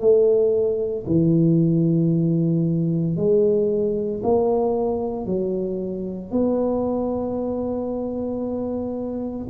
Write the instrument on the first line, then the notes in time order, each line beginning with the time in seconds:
tuba
0.00 A3
1.06 E3
3.16 G#3
4.23 A#3
5.26 F#3
6.31 B3